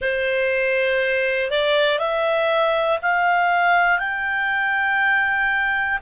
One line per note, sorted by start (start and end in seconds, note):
0.00 1.50 C5
1.50 1.99 D5
1.99 2.99 E5
3.01 3.98 F5
3.98 5.98 G5